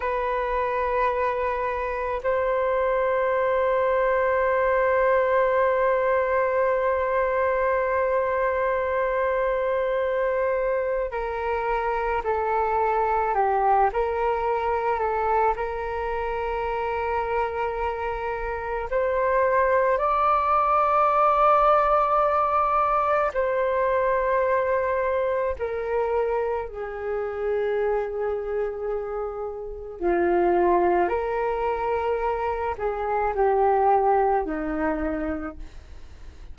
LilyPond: \new Staff \with { instrumentName = "flute" } { \time 4/4 \tempo 4 = 54 b'2 c''2~ | c''1~ | c''2 ais'4 a'4 | g'8 ais'4 a'8 ais'2~ |
ais'4 c''4 d''2~ | d''4 c''2 ais'4 | gis'2. f'4 | ais'4. gis'8 g'4 dis'4 | }